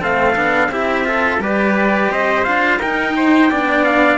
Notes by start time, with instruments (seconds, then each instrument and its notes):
0.00 cello A3 C4, trumpet A4 F5
0.35 cello B3 D4
0.68 cello C4 E4, trumpet G4 E5
1.04 cello F4, trumpet A4
1.39 cello G3 G4, trumpet B4 D5
2.10 cello C4, trumpet C5 D#5
2.44 cello D4 F4, trumpet F5
2.78 cello D#4, trumpet A#4 G5
3.16 trumpet C5
3.49 cello B3 D4, trumpet D5
3.84 trumpet F5